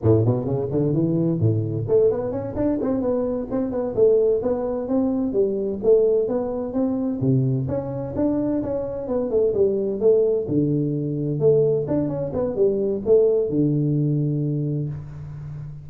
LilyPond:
\new Staff \with { instrumentName = "tuba" } { \time 4/4 \tempo 4 = 129 a,8 b,8 cis8 d8 e4 a,4 | a8 b8 cis'8 d'8 c'8 b4 c'8 | b8 a4 b4 c'4 g8~ | g8 a4 b4 c'4 c8~ |
c8 cis'4 d'4 cis'4 b8 | a8 g4 a4 d4.~ | d8 a4 d'8 cis'8 b8 g4 | a4 d2. | }